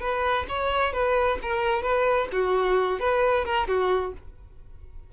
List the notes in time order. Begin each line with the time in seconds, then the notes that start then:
0.00 B4
0.48 C#5
0.93 B4
1.42 A#4
1.82 B4
2.32 F#4
3.00 B4
3.45 A#4
3.68 F#4